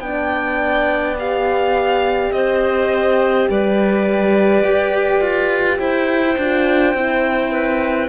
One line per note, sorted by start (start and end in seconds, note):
0.00 2.31 B3
0.00 1.19 D4
0.00 2.34 D5
0.00 1.15 G5
1.19 6.38 G4
1.19 2.32 F5
2.32 3.48 C4
2.32 3.50 C5
2.32 3.47 D#5
3.50 4.64 G3
3.50 5.80 B4
3.50 5.78 D5
4.64 5.21 G4
5.21 5.79 F4
5.78 6.37 E4
5.78 7.52 C5
5.78 8.09 G5
6.38 6.94 D4
6.38 6.95 F4
6.94 8.09 C4
6.94 8.09 E4
7.52 8.09 B4